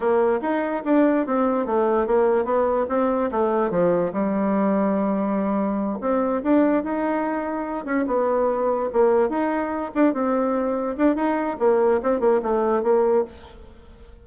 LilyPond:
\new Staff \with { instrumentName = "bassoon" } { \time 4/4 \tempo 4 = 145 ais4 dis'4 d'4 c'4 | a4 ais4 b4 c'4 | a4 f4 g2~ | g2~ g8 c'4 d'8~ |
d'8 dis'2~ dis'8 cis'8 b8~ | b4. ais4 dis'4. | d'8 c'2 d'8 dis'4 | ais4 c'8 ais8 a4 ais4 | }